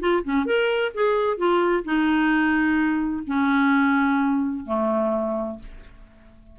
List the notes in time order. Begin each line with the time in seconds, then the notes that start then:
0.00 F4
0.24 C#4
0.46 A#4
0.94 G#4
1.38 F4
1.84 D#4
3.27 C#4
4.66 A3